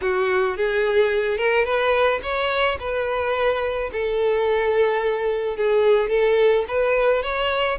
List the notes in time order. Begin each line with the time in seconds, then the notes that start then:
0.01 F#4
0.57 G#4
1.37 A#4
1.64 B4
2.22 C#5
2.79 B4
3.92 A4
5.57 G#4
6.09 A4
6.68 B4
7.22 C#5